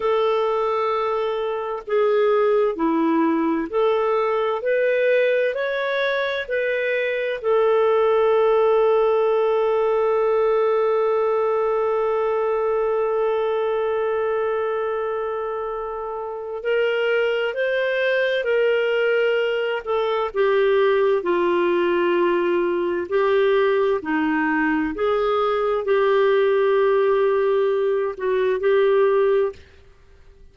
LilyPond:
\new Staff \with { instrumentName = "clarinet" } { \time 4/4 \tempo 4 = 65 a'2 gis'4 e'4 | a'4 b'4 cis''4 b'4 | a'1~ | a'1~ |
a'2 ais'4 c''4 | ais'4. a'8 g'4 f'4~ | f'4 g'4 dis'4 gis'4 | g'2~ g'8 fis'8 g'4 | }